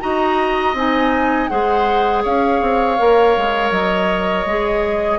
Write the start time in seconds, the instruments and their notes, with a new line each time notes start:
0.00 bassoon D#4, clarinet F#4, oboe D#5, flute A#5
0.73 bassoon C4, clarinet D#4, flute G#5
1.48 bassoon G#3, clarinet G#4, oboe C5, flute F#5
2.22 bassoon C#4, oboe C#5, flute F5
2.61 bassoon C4
2.98 bassoon A#3, clarinet A#4
3.36 bassoon G#3
3.71 bassoon F#3, flute D#5
4.45 bassoon G#3, clarinet G#4